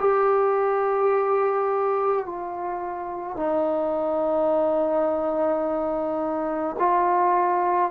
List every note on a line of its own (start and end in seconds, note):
0.00 2.26 G4
2.26 3.37 F4
3.37 6.76 D#4
6.79 7.91 F4